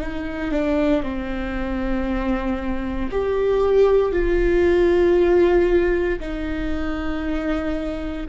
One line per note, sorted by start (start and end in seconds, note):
0.00 0.51 D#4
0.51 1.03 D4
1.03 3.10 C4
3.10 4.12 G4
4.12 6.19 F4
6.19 8.26 D#4